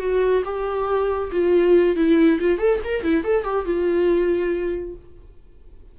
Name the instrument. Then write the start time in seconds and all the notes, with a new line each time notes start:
viola
0.00 F#4
0.45 G4
1.32 F4
1.97 E4
2.41 F4
2.59 A4
2.85 A#4
3.04 E4
3.25 A4
3.45 G4
3.66 F4